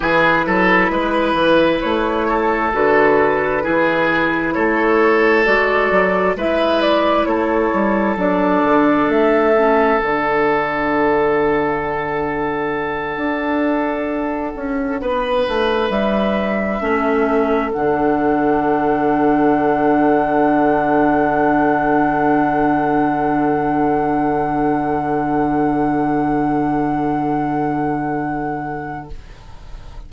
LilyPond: <<
  \new Staff \with { instrumentName = "flute" } { \time 4/4 \tempo 4 = 66 b'2 cis''4 b'4~ | b'4 cis''4 d''4 e''8 d''8 | cis''4 d''4 e''4 fis''4~ | fis''1~ |
fis''4. e''2 fis''8~ | fis''1~ | fis''1~ | fis''1 | }
  \new Staff \with { instrumentName = "oboe" } { \time 4/4 gis'8 a'8 b'4. a'4. | gis'4 a'2 b'4 | a'1~ | a'1~ |
a'8 b'2 a'4.~ | a'1~ | a'1~ | a'1 | }
  \new Staff \with { instrumentName = "clarinet" } { \time 4/4 e'2. fis'4 | e'2 fis'4 e'4~ | e'4 d'4. cis'8 d'4~ | d'1~ |
d'2~ d'8 cis'4 d'8~ | d'1~ | d'1~ | d'1 | }
  \new Staff \with { instrumentName = "bassoon" } { \time 4/4 e8 fis8 gis8 e8 a4 d4 | e4 a4 gis8 fis8 gis4 | a8 g8 fis8 d8 a4 d4~ | d2~ d8 d'4. |
cis'8 b8 a8 g4 a4 d8~ | d1~ | d1~ | d1 | }
>>